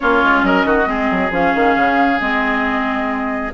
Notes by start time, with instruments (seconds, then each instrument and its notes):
0.00 bassoon A#3, clarinet C#4, oboe F4, flute C#5
0.23 bassoon G#3
0.42 bassoon F#3, oboe A#4, flute D#5
0.64 bassoon D#3, oboe F#4
0.85 bassoon G#3, clarinet C4, oboe G#4
1.10 bassoon F#3
1.31 bassoon F3, clarinet C#4, flute F5
1.55 bassoon D#3
1.76 bassoon C#3
2.19 bassoon G#3, clarinet C4, flute D#5